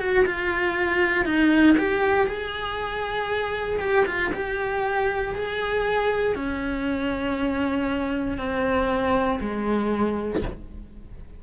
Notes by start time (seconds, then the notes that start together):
0.00 F#4
0.26 F4
1.25 D#4
1.78 G4
2.27 G#4
3.80 G4
4.06 F4
4.34 G4
5.35 G#4
6.35 C#4
8.38 C4
9.41 G#3